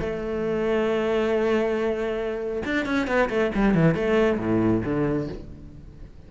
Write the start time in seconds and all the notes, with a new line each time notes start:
0.00 A3
2.65 D4
2.85 C#4
3.07 B3
3.29 A3
3.55 G3
3.74 E3
3.95 A3
4.39 A2
4.85 D3